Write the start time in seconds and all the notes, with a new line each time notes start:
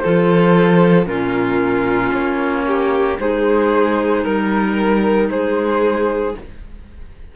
0.00 F3 F4 A4 C5
1.06 A#2 C#4 F4 A#4
2.13 A#3 C#5
2.67 G4
3.19 G#3 D#4 G#4 C5
4.25 G3 A#4
5.30 G#3 G#4 C5